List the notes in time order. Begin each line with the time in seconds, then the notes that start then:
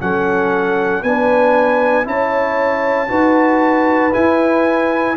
0.00 F#3 C#4 A4 F#5
1.02 B3 D4 B4 G#5
2.04 C#4 E4 C#5 A5
3.08 D#4 F#4 B4
4.12 E4 G#5